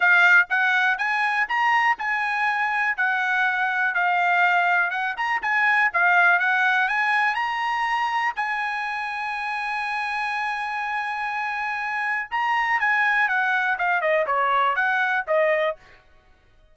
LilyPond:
\new Staff \with { instrumentName = "trumpet" } { \time 4/4 \tempo 4 = 122 f''4 fis''4 gis''4 ais''4 | gis''2 fis''2 | f''2 fis''8 ais''8 gis''4 | f''4 fis''4 gis''4 ais''4~ |
ais''4 gis''2.~ | gis''1~ | gis''4 ais''4 gis''4 fis''4 | f''8 dis''8 cis''4 fis''4 dis''4 | }